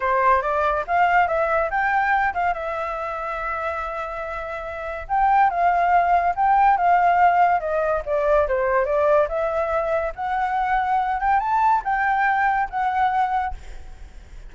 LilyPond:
\new Staff \with { instrumentName = "flute" } { \time 4/4 \tempo 4 = 142 c''4 d''4 f''4 e''4 | g''4. f''8 e''2~ | e''1 | g''4 f''2 g''4 |
f''2 dis''4 d''4 | c''4 d''4 e''2 | fis''2~ fis''8 g''8 a''4 | g''2 fis''2 | }